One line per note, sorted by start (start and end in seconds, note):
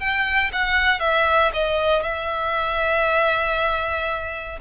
0.00 0.51 G5
0.53 1.00 F#5
1.00 1.52 E5
1.54 2.03 D#5
2.03 4.59 E5